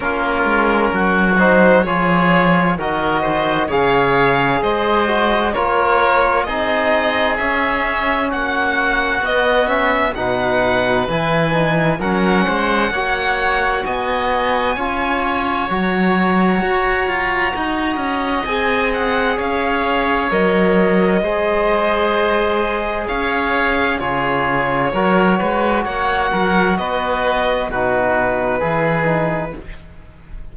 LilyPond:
<<
  \new Staff \with { instrumentName = "violin" } { \time 4/4 \tempo 4 = 65 ais'4. c''8 cis''4 dis''4 | f''4 dis''4 cis''4 dis''4 | e''4 fis''4 dis''8 e''8 fis''4 | gis''4 fis''2 gis''4~ |
gis''4 ais''2. | gis''8 fis''8 f''4 dis''2~ | dis''4 f''4 cis''2 | fis''4 dis''4 b'2 | }
  \new Staff \with { instrumentName = "oboe" } { \time 4/4 f'4 fis'4 gis'4 ais'8 c''8 | cis''4 c''4 ais'4 gis'4~ | gis'4 fis'2 b'4~ | b'4 ais'8 c''8 cis''4 dis''4 |
cis''2. dis''4~ | dis''4 cis''2 c''4~ | c''4 cis''4 gis'4 ais'8 b'8 | cis''8 ais'8 b'4 fis'4 gis'4 | }
  \new Staff \with { instrumentName = "trombone" } { \time 4/4 cis'4. dis'8 f'4 fis'4 | gis'4. fis'8 f'4 dis'4 | cis'2 b8 cis'8 dis'4 | e'8 dis'8 cis'4 fis'2 |
f'4 fis'2. | gis'2 ais'4 gis'4~ | gis'2 f'4 fis'4~ | fis'2 dis'4 e'8 dis'8 | }
  \new Staff \with { instrumentName = "cello" } { \time 4/4 ais8 gis8 fis4 f4 dis4 | cis4 gis4 ais4 c'4 | cis'4 ais4 b4 b,4 | e4 fis8 gis8 ais4 b4 |
cis'4 fis4 fis'8 f'8 dis'8 cis'8 | c'4 cis'4 fis4 gis4~ | gis4 cis'4 cis4 fis8 gis8 | ais8 fis8 b4 b,4 e4 | }
>>